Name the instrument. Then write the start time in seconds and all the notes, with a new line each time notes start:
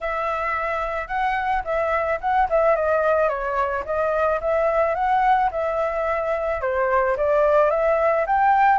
flute
0.00 E5
1.07 F#5
1.64 E5
2.20 F#5
2.49 E5
2.75 D#5
3.29 C#5
3.85 D#5
4.40 E5
4.94 F#5
5.51 E5
6.61 C5
7.17 D5
7.70 E5
8.26 G5